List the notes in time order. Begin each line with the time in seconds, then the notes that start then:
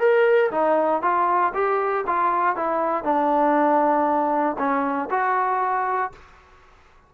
0.00 A#4
0.51 D#4
1.02 F4
1.54 G4
2.07 F4
2.56 E4
3.04 D4
4.59 C#4
5.11 F#4